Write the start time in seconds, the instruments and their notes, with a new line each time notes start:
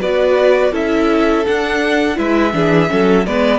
0.00 cello B3, viola F#4, violin B4 D5
0.72 cello C#4, viola E4, violin A4 E5
1.46 viola D4, cello D4, violin F#5
2.15 cello G#3, viola E4, violin B4 E5
2.53 cello E3, viola D4, violin G#4
2.88 cello F#3, viola C#4, violin A4
3.26 cello G#3, viola B3, violin B4 D5